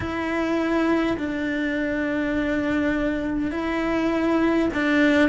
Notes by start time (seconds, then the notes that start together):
0.00 E4
1.17 D4
3.51 E4
4.73 D4